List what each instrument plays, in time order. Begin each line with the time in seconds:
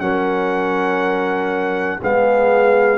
0.00 tuba F#3, trombone C#4, horn A#4, trumpet F#5
2.00 tuba G#3, trombone B3, horn G#4, trumpet F5